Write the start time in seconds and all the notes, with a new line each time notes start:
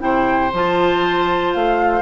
0.00 C3 E4 C5 G5
0.53 F3 F4 A5
1.54 A3 F5